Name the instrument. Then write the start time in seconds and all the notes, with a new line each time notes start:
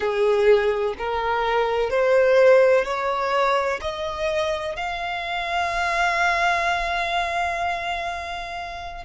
violin
0.00 G#4
0.98 A#4
1.90 C5
2.84 C#5
3.81 D#5
4.76 F5